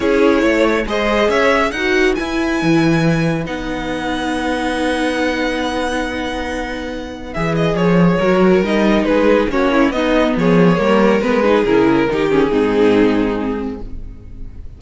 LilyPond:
<<
  \new Staff \with { instrumentName = "violin" } { \time 4/4 \tempo 4 = 139 cis''2 dis''4 e''4 | fis''4 gis''2. | fis''1~ | fis''1~ |
fis''4 e''8 dis''8 cis''2 | dis''4 b'4 cis''4 dis''4 | cis''2 b'4 ais'4~ | ais'8 gis'2.~ gis'8 | }
  \new Staff \with { instrumentName = "violin" } { \time 4/4 gis'4 cis''4 c''4 cis''4 | b'1~ | b'1~ | b'1~ |
b'2. ais'4~ | ais'4 gis'4 fis'8 e'8 dis'4 | gis'4 ais'4. gis'4. | g'4 dis'2. | }
  \new Staff \with { instrumentName = "viola" } { \time 4/4 e'2 gis'2 | fis'4 e'2. | dis'1~ | dis'1~ |
dis'4 gis'2 fis'4 | dis'2 cis'4 b4~ | b4 ais4 b8 dis'8 e'4 | dis'8 cis'8 c'2. | }
  \new Staff \with { instrumentName = "cello" } { \time 4/4 cis'4 a4 gis4 cis'4 | dis'4 e'4 e2 | b1~ | b1~ |
b4 e4 f4 fis4 | g4 gis4 ais4 b4 | f4 g4 gis4 cis4 | dis4 gis,2. | }
>>